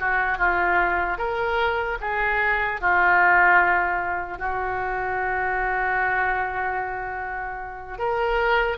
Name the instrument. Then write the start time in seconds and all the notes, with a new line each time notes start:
oboe
0.00 F#4
0.38 F4
1.18 A#4
2.01 G#4
2.81 F4
4.39 F#4
7.99 A#4